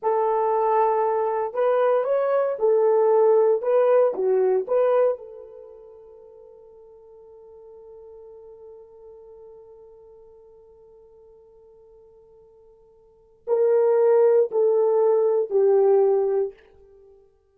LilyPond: \new Staff \with { instrumentName = "horn" } { \time 4/4 \tempo 4 = 116 a'2. b'4 | cis''4 a'2 b'4 | fis'4 b'4 a'2~ | a'1~ |
a'1~ | a'1~ | a'2 ais'2 | a'2 g'2 | }